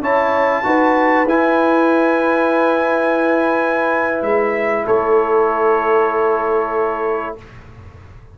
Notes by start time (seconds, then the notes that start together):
0.00 C#4 E4 C#5 A5
0.64 D#4 F#4 B4
1.25 E4 G#5
4.22 G#3 E5
4.86 A3 A4 C#5